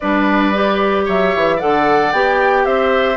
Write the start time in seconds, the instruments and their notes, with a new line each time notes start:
0.00 bassoon G3, clarinet D4, oboe B4, flute D5
0.53 clarinet G4
1.05 bassoon F#3, oboe C#5, flute E5
1.35 bassoon E3
1.56 bassoon D3, clarinet A4, oboe D5, flute F#5
2.12 bassoon B3, clarinet G4, flute G5
2.65 bassoon C4, oboe C5, flute E5